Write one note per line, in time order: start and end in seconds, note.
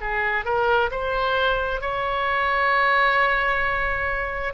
0.00 0.45 G#4
0.45 0.90 A#4
0.90 1.81 C5
1.81 4.53 C#5